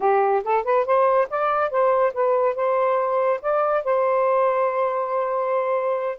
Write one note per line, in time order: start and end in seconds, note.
0.00 0.43 G4
0.44 0.64 A4
0.64 0.85 B4
0.85 1.28 C5
1.30 1.70 D5
1.70 2.13 C5
2.13 2.55 B4
2.55 3.40 C5
3.41 3.84 D5
3.84 6.18 C5